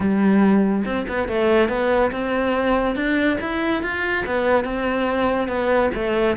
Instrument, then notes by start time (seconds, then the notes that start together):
cello
0.00 G3
0.85 C4
1.08 B3
1.28 A3
1.68 B3
2.11 C4
2.95 D4
3.40 E4
3.82 F4
4.26 B3
4.64 C4
5.48 B3
5.94 A3